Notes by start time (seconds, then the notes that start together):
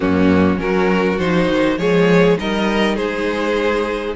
0.00 F#2 A#3 C#4 F#4
0.56 F#3 C#4 F#4 A#4
1.18 F3 D#4 C5
1.48 D#3
1.77 F3 G#3 G#4 C#5
2.37 G3 D#4 A#4 D#5
2.95 G#3 G#4 C5